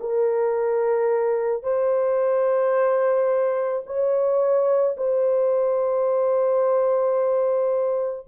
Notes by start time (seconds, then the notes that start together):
0.00 A#4
1.63 C5
3.86 C#5
4.97 C5